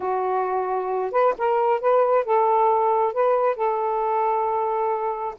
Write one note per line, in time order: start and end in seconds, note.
0.00 1.11 F#4
1.11 1.34 B4
1.37 1.80 A#4
1.80 2.24 B4
2.24 3.13 A4
3.13 3.56 B4
3.56 5.35 A4